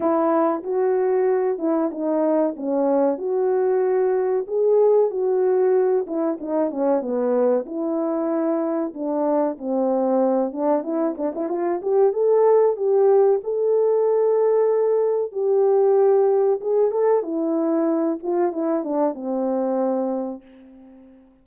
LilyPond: \new Staff \with { instrumentName = "horn" } { \time 4/4 \tempo 4 = 94 e'4 fis'4. e'8 dis'4 | cis'4 fis'2 gis'4 | fis'4. e'8 dis'8 cis'8 b4 | e'2 d'4 c'4~ |
c'8 d'8 e'8 d'16 e'16 f'8 g'8 a'4 | g'4 a'2. | g'2 gis'8 a'8 e'4~ | e'8 f'8 e'8 d'8 c'2 | }